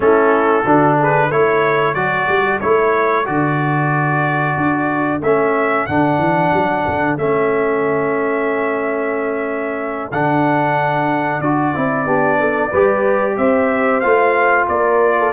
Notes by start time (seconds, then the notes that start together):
0.00 A3 C#4 E4 A4
0.65 D3 D4 F#4
0.99 G#4 B4
1.29 A3 E4 A4 C#5
1.94 F#3 F#4 D5
2.28 G3
2.60 A3 E4 C#5
3.24 D3 F#4 D5
4.57 D4
5.21 A3 C#4 E5
5.86 D3 D4 F#5
6.18 E3
6.53 F#3
6.87 D3
7.17 A3 C#4 E5
10.11 D3 D4 F#5
11.40 D4 F#4 D5
11.74 C4 E4
12.05 B3 D4 G4
12.39 A4
12.70 G3 G4 B4
13.37 C4 C5 E5
14.00 A3 F4 F5
14.68 A#3 A#4 D5
15.18 A4